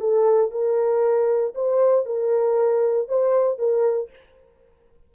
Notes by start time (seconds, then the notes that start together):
0.00 A4
0.51 A#4
1.55 C5
2.06 A#4
3.09 C5
3.59 A#4